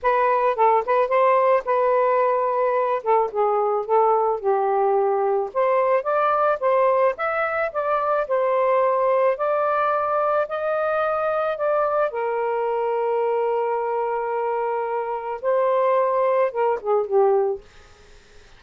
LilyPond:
\new Staff \with { instrumentName = "saxophone" } { \time 4/4 \tempo 4 = 109 b'4 a'8 b'8 c''4 b'4~ | b'4. a'8 gis'4 a'4 | g'2 c''4 d''4 | c''4 e''4 d''4 c''4~ |
c''4 d''2 dis''4~ | dis''4 d''4 ais'2~ | ais'1 | c''2 ais'8 gis'8 g'4 | }